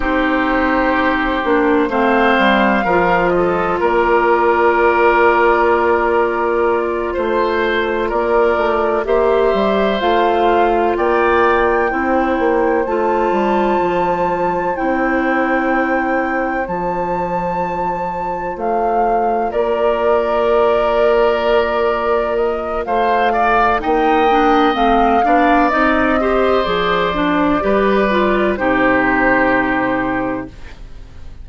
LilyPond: <<
  \new Staff \with { instrumentName = "flute" } { \time 4/4 \tempo 4 = 63 c''2 f''4. dis''8 | d''2.~ d''8 c''8~ | c''8 d''4 e''4 f''4 g''8~ | g''4. a''2 g''8~ |
g''4. a''2 f''8~ | f''8 d''2. dis''8 | f''4 g''4 f''4 dis''4 | d''2 c''2 | }
  \new Staff \with { instrumentName = "oboe" } { \time 4/4 g'2 c''4 ais'8 a'8 | ais'2.~ ais'8 c''8~ | c''8 ais'4 c''2 d''8~ | d''8 c''2.~ c''8~ |
c''1~ | c''8 ais'2.~ ais'8 | c''8 d''8 dis''4. d''4 c''8~ | c''4 b'4 g'2 | }
  \new Staff \with { instrumentName = "clarinet" } { \time 4/4 dis'4. d'8 c'4 f'4~ | f'1~ | f'4. g'4 f'4.~ | f'8 e'4 f'2 e'8~ |
e'4. f'2~ f'8~ | f'1~ | f'4 dis'8 d'8 c'8 d'8 dis'8 g'8 | gis'8 d'8 g'8 f'8 dis'2 | }
  \new Staff \with { instrumentName = "bassoon" } { \time 4/4 c'4. ais8 a8 g8 f4 | ais2.~ ais8 a8~ | a8 ais8 a8 ais8 g8 a4 ais8~ | ais8 c'8 ais8 a8 g8 f4 c'8~ |
c'4. f2 a8~ | a8 ais2.~ ais8 | a4 ais4 a8 b8 c'4 | f4 g4 c2 | }
>>